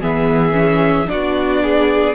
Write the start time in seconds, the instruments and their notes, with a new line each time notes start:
0.00 cello E3, viola B3, violin G#4 E5
0.52 viola C#4
1.06 viola D4, violin F#4 D5
1.13 cello B3
1.63 violin G#4